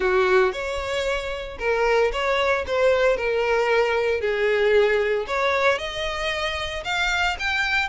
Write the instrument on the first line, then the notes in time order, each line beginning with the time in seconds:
violin
0.00 F#4
0.52 C#5
1.58 A#4
2.12 C#5
2.66 C5
3.16 A#4
4.20 G#4
5.27 C#5
5.78 D#5
6.84 F5
7.39 G5